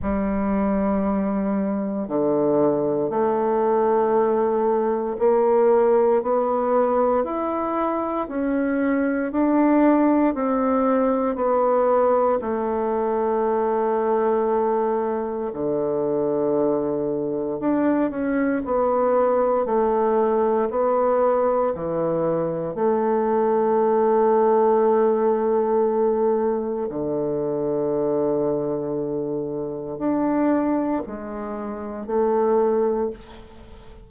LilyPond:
\new Staff \with { instrumentName = "bassoon" } { \time 4/4 \tempo 4 = 58 g2 d4 a4~ | a4 ais4 b4 e'4 | cis'4 d'4 c'4 b4 | a2. d4~ |
d4 d'8 cis'8 b4 a4 | b4 e4 a2~ | a2 d2~ | d4 d'4 gis4 a4 | }